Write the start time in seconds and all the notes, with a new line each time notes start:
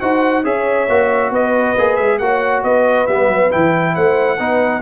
0.00 D#4 F#4 C5 F#5
0.43 C#4 G#4 C#5 E5
0.88 A#3 F#4
1.30 B3 B4 D#5
1.76 A#3 G#4
1.96 G#3 E5
2.18 A#3 F#4 C#5 F#5
2.62 B3 B4 D#5
3.07 G3 B3 E5
3.28 F#3
3.50 E3 E4 G5
3.94 A3 C5 F#5
4.37 B3 D#4 B4